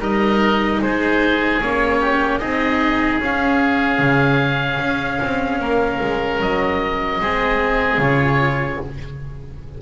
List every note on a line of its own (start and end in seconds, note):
0.00 0.80 G3
0.00 1.60 D#4
0.00 0.80 A#4
0.00 0.83 D#5
0.82 1.62 G#3
0.82 2.01 G#4
0.82 1.62 C5
1.62 2.42 A#3
1.62 2.40 C#4
1.62 2.40 C#5
2.01 2.40 G4
2.40 3.20 C4
2.40 3.20 D#4
2.40 5.60 G#4
2.40 3.20 D#5
3.20 3.99 C#4
3.20 7.22 C#4
3.20 6.42 F5
3.99 4.79 C#3
4.80 5.20 C#4
5.23 5.60 C4
5.60 6.00 A#3
5.60 7.21 A#4
6.01 6.41 G#3
6.41 7.21 F#3
6.41 8.02 D#5
7.21 7.98 G#3
7.21 8.01 C4
7.21 8.81 G#4
7.98 8.78 C#3
7.98 8.81 F4
7.98 8.82 C#5